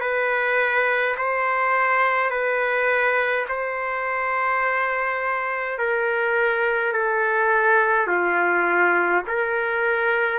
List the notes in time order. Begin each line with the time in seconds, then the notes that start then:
0.00 B4
1.17 C5
2.30 B4
3.48 C5
5.78 A#4
6.93 A4
8.07 F4
9.27 A#4